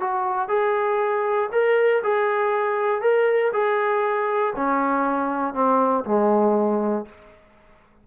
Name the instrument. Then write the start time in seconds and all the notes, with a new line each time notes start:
trombone
0.00 F#4
0.49 G#4
1.52 A#4
2.03 G#4
3.01 A#4
3.53 G#4
4.56 C#4
5.54 C4
6.05 G#3